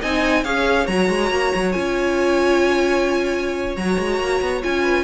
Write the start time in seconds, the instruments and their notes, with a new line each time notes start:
0.00 cello C4, viola D#4, violin D#5 G#5
0.43 cello C#4, viola G#4, violin C#5 F5
0.86 cello F#3, viola F#4, violin A#5
1.09 cello G#3
1.30 cello A#3
1.55 cello F#3
1.72 cello C#4, viola F4, violin G#5
3.76 cello F#3, viola F#4, violin A#5
3.98 cello G#3
4.19 cello A#3
4.41 cello B3
4.62 cello C#4, viola F4, violin G#5
4.82 violin B4